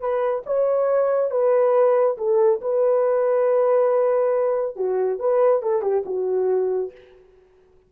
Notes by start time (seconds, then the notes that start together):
0.00 B4
0.46 C#5
1.31 B4
2.18 A4
2.61 B4
4.76 F#4
5.20 B4
5.63 A4
5.82 G4
6.05 F#4